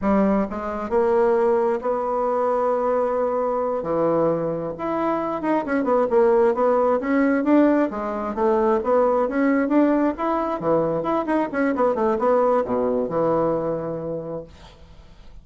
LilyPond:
\new Staff \with { instrumentName = "bassoon" } { \time 4/4 \tempo 4 = 133 g4 gis4 ais2 | b1~ | b8 e2 e'4. | dis'8 cis'8 b8 ais4 b4 cis'8~ |
cis'8 d'4 gis4 a4 b8~ | b8 cis'4 d'4 e'4 e8~ | e8 e'8 dis'8 cis'8 b8 a8 b4 | b,4 e2. | }